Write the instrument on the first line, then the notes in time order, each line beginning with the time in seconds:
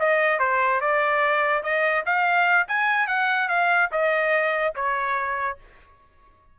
trumpet
0.00 D#5
0.40 C5
0.81 D5
1.63 D#5
2.06 F5
2.68 G#5
3.08 F#5
3.49 F5
3.92 D#5
4.75 C#5